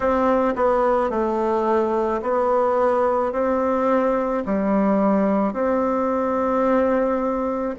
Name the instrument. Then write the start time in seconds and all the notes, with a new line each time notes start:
bassoon
0.00 C4
0.56 B3
1.10 A3
2.22 B3
3.32 C4
4.45 G3
5.53 C4